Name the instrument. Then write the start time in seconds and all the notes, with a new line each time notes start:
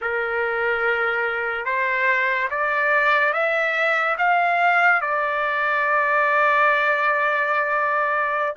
trumpet
0.01 A#4
1.65 C5
2.50 D5
3.33 E5
4.17 F5
5.01 D5